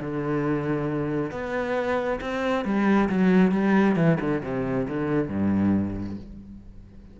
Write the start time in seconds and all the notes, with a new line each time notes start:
0.00 D3
1.31 B3
2.20 C4
2.65 G3
3.09 F#3
3.51 G3
3.96 E3
4.20 D3
4.43 C3
4.88 D3
5.28 G2